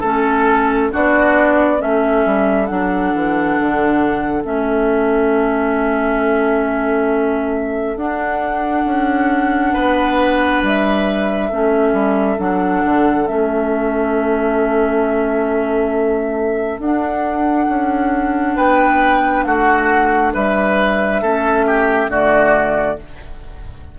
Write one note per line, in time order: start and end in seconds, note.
0.00 0.91 A3
0.00 0.92 C#4
0.00 0.88 A4
0.00 0.92 A4
0.92 1.82 B3
0.92 1.79 D4
0.92 1.81 F#4
0.92 1.82 D5
1.79 2.26 A3
1.79 2.67 C#4
1.79 9.74 A4
1.79 2.67 E5
2.26 2.70 G3
2.67 3.15 F#3
2.67 4.44 D4
2.67 4.43 F#5
3.15 3.59 E3
3.60 4.43 D3
4.43 7.96 A3
4.43 7.97 C#4
4.43 7.98 E5
7.96 8.84 D4
7.96 11.50 D4
7.96 10.62 F#5
8.85 9.74 C#4
9.74 10.63 B3
9.74 11.50 B4
10.63 11.51 G3
10.63 12.40 E5
11.50 11.93 A3
11.50 12.38 C#4
11.50 18.56 A4
11.93 12.37 G3
12.38 12.83 F#3
12.38 13.26 D4
12.38 13.27 F#5
12.85 13.29 D3
13.27 16.79 A3
13.27 16.80 C#4
13.27 16.80 E5
16.79 17.67 D4
16.79 21.24 D4
16.79 18.56 F#5
17.69 18.57 C#4
18.56 19.46 B3
18.56 19.44 B4
18.56 19.44 G5
19.44 20.34 A3
19.44 20.34 F#4
19.44 20.32 F#5
20.34 21.22 G3
20.34 21.22 B4
20.34 22.11 E5
21.22 22.08 A3
21.22 22.09 C#4
21.22 21.66 A4
21.67 22.10 G4
22.08 22.96 D3
22.08 22.97 A3
22.08 22.99 F#4
22.08 22.99 D5